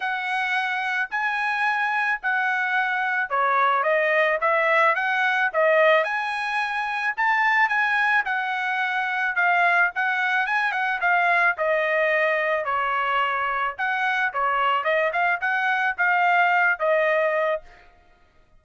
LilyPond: \new Staff \with { instrumentName = "trumpet" } { \time 4/4 \tempo 4 = 109 fis''2 gis''2 | fis''2 cis''4 dis''4 | e''4 fis''4 dis''4 gis''4~ | gis''4 a''4 gis''4 fis''4~ |
fis''4 f''4 fis''4 gis''8 fis''8 | f''4 dis''2 cis''4~ | cis''4 fis''4 cis''4 dis''8 f''8 | fis''4 f''4. dis''4. | }